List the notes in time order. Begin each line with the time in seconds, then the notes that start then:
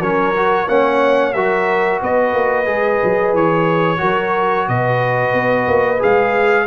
0.00 F#3 C#4 A#4 C#5
0.36 F#4
0.68 A#3 C#4 C#5 F#5
1.33 F#3 F#4 A#4 E5
2.02 B3 B4 D#5
2.34 A#3
2.66 G#3 G#4
3.03 F#3
3.33 E3 C#5
3.97 F#3 F#4 A#4
4.68 B2 B4 D#5
5.33 B3
5.67 A#3
5.99 G#3 G#4 F5